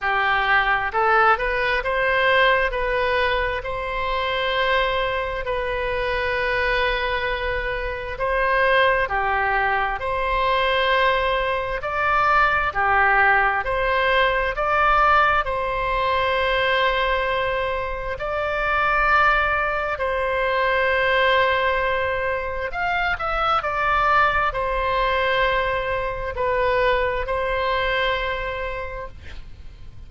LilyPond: \new Staff \with { instrumentName = "oboe" } { \time 4/4 \tempo 4 = 66 g'4 a'8 b'8 c''4 b'4 | c''2 b'2~ | b'4 c''4 g'4 c''4~ | c''4 d''4 g'4 c''4 |
d''4 c''2. | d''2 c''2~ | c''4 f''8 e''8 d''4 c''4~ | c''4 b'4 c''2 | }